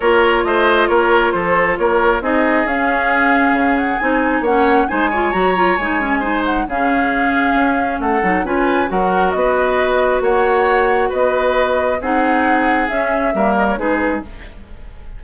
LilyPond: <<
  \new Staff \with { instrumentName = "flute" } { \time 4/4 \tempo 4 = 135 cis''4 dis''4 cis''4 c''4 | cis''4 dis''4 f''2~ | f''8 fis''8 gis''4 fis''4 gis''4 | ais''4 gis''4. fis''8 f''4~ |
f''2 fis''4 gis''4 | fis''4 dis''2 fis''4~ | fis''4 dis''2 fis''4~ | fis''4 e''4. dis''16 cis''16 b'4 | }
  \new Staff \with { instrumentName = "oboe" } { \time 4/4 ais'4 c''4 ais'4 a'4 | ais'4 gis'2.~ | gis'2 cis''4 c''8 cis''8~ | cis''2 c''4 gis'4~ |
gis'2 a'4 b'4 | ais'4 b'2 cis''4~ | cis''4 b'2 gis'4~ | gis'2 ais'4 gis'4 | }
  \new Staff \with { instrumentName = "clarinet" } { \time 4/4 f'1~ | f'4 dis'4 cis'2~ | cis'4 dis'4 cis'4 dis'8 f'8 | fis'8 f'8 dis'8 cis'8 dis'4 cis'4~ |
cis'2~ cis'8 dis'8 f'4 | fis'1~ | fis'2. dis'4~ | dis'4 cis'4 ais4 dis'4 | }
  \new Staff \with { instrumentName = "bassoon" } { \time 4/4 ais4 a4 ais4 f4 | ais4 c'4 cis'2 | cis4 c'4 ais4 gis4 | fis4 gis2 cis4~ |
cis4 cis'4 a8 fis8 cis'4 | fis4 b2 ais4~ | ais4 b2 c'4~ | c'4 cis'4 g4 gis4 | }
>>